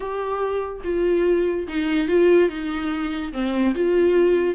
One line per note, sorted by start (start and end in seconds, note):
0.00 0.81 G4
0.84 1.67 F4
1.67 2.08 D#4
2.08 2.49 F4
2.49 3.32 D#4
3.32 3.74 C4
3.74 4.55 F4